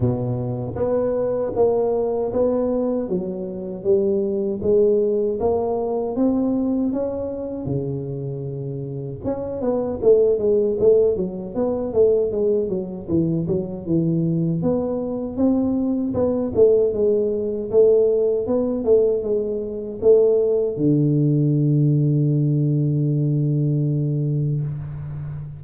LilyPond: \new Staff \with { instrumentName = "tuba" } { \time 4/4 \tempo 4 = 78 b,4 b4 ais4 b4 | fis4 g4 gis4 ais4 | c'4 cis'4 cis2 | cis'8 b8 a8 gis8 a8 fis8 b8 a8 |
gis8 fis8 e8 fis8 e4 b4 | c'4 b8 a8 gis4 a4 | b8 a8 gis4 a4 d4~ | d1 | }